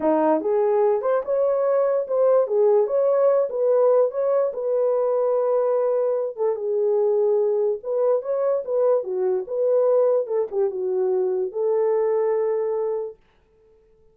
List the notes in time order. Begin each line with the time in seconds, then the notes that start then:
0.00 D#4
0.41 G#4
1.01 C5
1.24 C#5
2.07 C5
2.47 G#4
2.86 C#5
3.49 B4
4.11 C#5
4.53 B4
6.36 A4
6.55 G#4
7.83 B4
8.22 C#5
8.64 B4
9.03 F#4
9.47 B4
10.26 A4
10.51 G4
10.70 F#4
11.52 A4